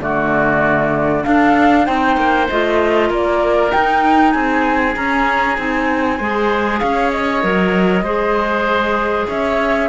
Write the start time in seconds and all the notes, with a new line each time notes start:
0.00 D3 A3 F#4 D5
1.23 D4 A4 F5
1.84 C4 D#4 C5 G5
2.16 A#3
2.49 A3 F4 D#5
3.09 A#3 A#4 D5
3.70 D#4 G5
4.31 C4 G#4 G#5
4.94 C#4 A#5
5.56 C4 D#4 G#5
6.16 G#3 G#4 C5
6.79 C#4 C#5 F5
7.10 D#5
7.42 F#3 A#4
8.01 G#3 G#4 C5
9.27 C#4 C#5 E5